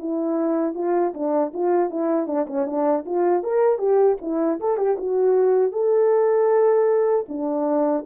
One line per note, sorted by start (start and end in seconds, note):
0.00 0.75 E4
0.75 1.14 F4
1.14 1.53 D4
1.54 1.91 F4
1.91 2.27 E4
2.27 2.47 D4
2.48 2.66 C#4
2.66 3.05 D4
3.06 3.44 F4
3.44 3.79 A#4
3.79 4.17 G4
4.22 4.60 E4
4.60 4.78 A4
4.78 4.97 G4
4.98 5.73 F#4
5.73 7.27 A4
7.29 8.06 D4